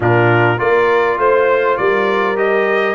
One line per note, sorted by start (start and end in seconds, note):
0.00 0.58 A#2
0.00 0.57 D4
0.00 0.59 F4
0.00 0.59 A#4
0.57 1.18 A#3
0.57 2.36 F4
0.57 1.18 A#4
0.57 1.18 D5
1.18 1.77 A3
1.18 1.77 C5
1.18 1.79 C5
1.77 2.95 G3
1.77 2.95 A#4
1.77 2.36 D5
2.36 2.95 G4
2.36 2.95 D#5